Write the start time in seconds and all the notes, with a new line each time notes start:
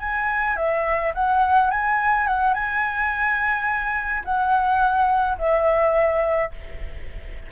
0.00 G#5
0.57 E5
1.15 F#5
1.71 G#5
2.27 F#5
2.54 G#5
4.25 F#5
5.39 E5